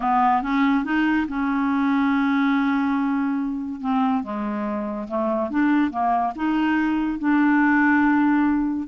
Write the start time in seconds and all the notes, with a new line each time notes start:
0.00 B3
0.42 C#4
0.84 D#4
1.28 C#4
3.80 C4
4.23 G#3
5.08 A3
5.50 D4
5.90 A#3
6.35 D#4
7.19 D4